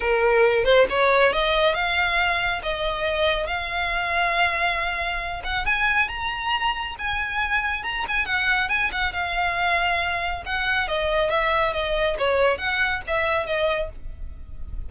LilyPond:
\new Staff \with { instrumentName = "violin" } { \time 4/4 \tempo 4 = 138 ais'4. c''8 cis''4 dis''4 | f''2 dis''2 | f''1~ | f''8 fis''8 gis''4 ais''2 |
gis''2 ais''8 gis''8 fis''4 | gis''8 fis''8 f''2. | fis''4 dis''4 e''4 dis''4 | cis''4 fis''4 e''4 dis''4 | }